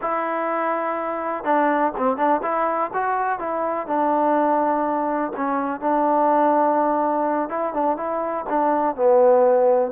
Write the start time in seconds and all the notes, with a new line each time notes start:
0.01 E4
1.44 D4
1.97 C4
2.16 D4
2.42 E4
2.93 F#4
3.39 E4
3.86 D4
5.36 C#4
5.80 D4
7.49 E4
7.73 D4
7.96 E4
8.49 D4
8.95 B3